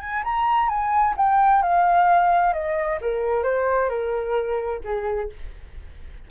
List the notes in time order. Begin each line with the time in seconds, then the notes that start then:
0.00 G#5
0.24 A#5
0.69 G#5
1.17 G5
1.62 F5
2.53 D#5
3.01 A#4
3.43 C5
3.89 A#4
4.84 G#4